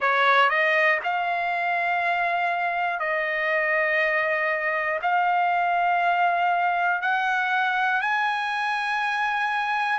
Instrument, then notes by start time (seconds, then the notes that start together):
trumpet
0.00 C#5
0.50 D#5
1.03 F5
2.99 D#5
5.02 F5
7.01 F#5
8.01 G#5